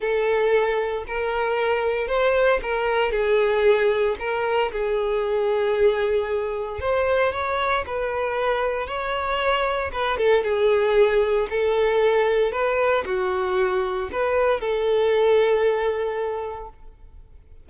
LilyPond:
\new Staff \with { instrumentName = "violin" } { \time 4/4 \tempo 4 = 115 a'2 ais'2 | c''4 ais'4 gis'2 | ais'4 gis'2.~ | gis'4 c''4 cis''4 b'4~ |
b'4 cis''2 b'8 a'8 | gis'2 a'2 | b'4 fis'2 b'4 | a'1 | }